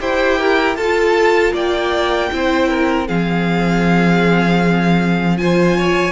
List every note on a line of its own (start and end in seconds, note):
0.00 0.77 E4
0.00 0.77 G4
0.00 0.39 C5
0.00 0.77 G5
0.39 0.77 A#4
0.77 1.54 F4
0.77 2.33 F4
0.77 1.54 A4
0.77 1.54 A5
1.54 2.31 A#3
1.54 2.31 D5
1.54 3.08 G5
2.33 3.09 C4
2.33 3.08 E4
2.33 2.69 C5
2.69 3.08 A#4
3.08 6.12 F3
3.08 5.38 C4
3.08 5.38 G#4
3.08 5.38 F5
5.38 6.12 F4
5.38 5.77 C5
5.38 6.12 G#5
5.77 6.12 C#5